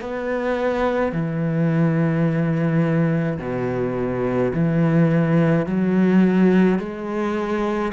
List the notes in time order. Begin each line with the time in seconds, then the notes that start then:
0.00 B3
1.12 E3
3.39 B2
4.53 E3
5.66 F#3
6.79 G#3